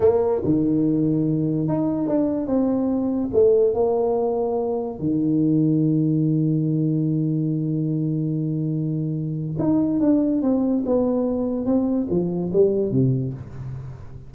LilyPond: \new Staff \with { instrumentName = "tuba" } { \time 4/4 \tempo 4 = 144 ais4 dis2. | dis'4 d'4 c'2 | a4 ais2. | dis1~ |
dis1~ | dis2. dis'4 | d'4 c'4 b2 | c'4 f4 g4 c4 | }